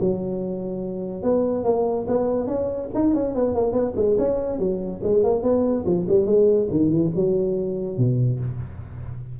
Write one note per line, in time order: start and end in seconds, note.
0.00 1.23 F#3
1.23 1.64 B3
1.64 2.06 A#3
2.08 2.47 B3
2.47 2.89 C#4
2.94 3.14 D#4
3.14 3.35 C#4
3.35 3.55 B3
3.55 3.72 A#3
3.72 3.93 B3
3.96 4.17 G#3
4.18 4.59 C#4
4.59 5.01 F#3
5.03 5.24 G#3
5.24 5.43 A#3
5.43 5.85 B3
5.86 6.06 F3
6.08 6.26 G3
6.26 6.68 G#3
6.71 6.89 D#3
6.89 7.10 E3
7.15 7.98 F#3
7.98 8.40 B2